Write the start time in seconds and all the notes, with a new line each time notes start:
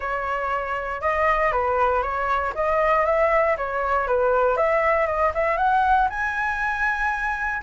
0.00 C#5
1.01 D#5
1.52 B4
2.02 C#5
2.54 D#5
3.05 E5
3.57 C#5
4.07 B4
4.56 E5
5.06 D#5
5.34 E5
5.57 F#5
6.09 G#5